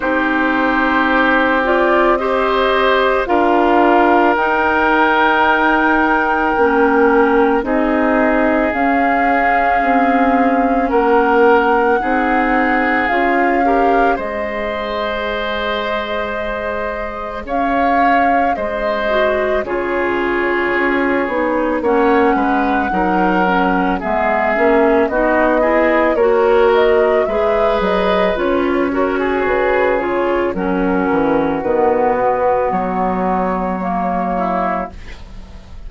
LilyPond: <<
  \new Staff \with { instrumentName = "flute" } { \time 4/4 \tempo 4 = 55 c''4. d''8 dis''4 f''4 | g''2. dis''4 | f''2 fis''2 | f''4 dis''2. |
f''4 dis''4 cis''2 | fis''2 e''4 dis''4 | cis''8 dis''8 e''8 dis''8 cis''4 b'8 cis''8 | ais'4 b'4 cis''2 | }
  \new Staff \with { instrumentName = "oboe" } { \time 4/4 g'2 c''4 ais'4~ | ais'2. gis'4~ | gis'2 ais'4 gis'4~ | gis'8 ais'8 c''2. |
cis''4 c''4 gis'2 | cis''8 b'8 ais'4 gis'4 fis'8 gis'8 | ais'4 b'4. ais'16 gis'4~ gis'16 | fis'2.~ fis'8 e'8 | }
  \new Staff \with { instrumentName = "clarinet" } { \time 4/4 dis'4. f'8 g'4 f'4 | dis'2 cis'4 dis'4 | cis'2. dis'4 | f'8 g'8 gis'2.~ |
gis'4. fis'8 f'4. dis'8 | cis'4 dis'8 cis'8 b8 cis'8 dis'8 e'8 | fis'4 gis'4 f'8 fis'4 f'8 | cis'4 b2 ais4 | }
  \new Staff \with { instrumentName = "bassoon" } { \time 4/4 c'2. d'4 | dis'2 ais4 c'4 | cis'4 c'4 ais4 c'4 | cis'4 gis2. |
cis'4 gis4 cis4 cis'8 b8 | ais8 gis8 fis4 gis8 ais8 b4 | ais4 gis8 fis8 cis'4 cis4 | fis8 e8 dis8 b,8 fis2 | }
>>